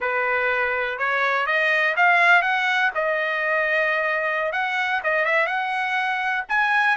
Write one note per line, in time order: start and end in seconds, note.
0.00 0.98 B4
0.98 1.46 C#5
1.46 1.95 D#5
1.96 2.41 F5
2.41 2.90 F#5
2.94 4.52 D#5
4.52 5.01 F#5
5.03 5.25 D#5
5.25 5.46 E5
5.46 6.43 F#5
6.48 6.96 G#5